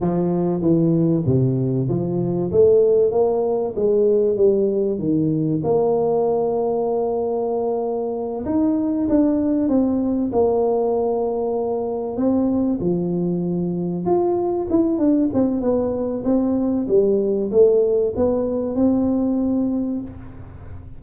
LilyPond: \new Staff \with { instrumentName = "tuba" } { \time 4/4 \tempo 4 = 96 f4 e4 c4 f4 | a4 ais4 gis4 g4 | dis4 ais2.~ | ais4. dis'4 d'4 c'8~ |
c'8 ais2. c'8~ | c'8 f2 f'4 e'8 | d'8 c'8 b4 c'4 g4 | a4 b4 c'2 | }